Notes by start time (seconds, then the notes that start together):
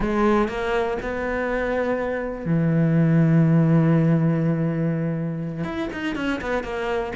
0.00 G#3
0.48 A#3
1.01 B3
2.45 E3
5.64 E4
5.92 D#4
6.15 C#4
6.41 B3
6.63 A#3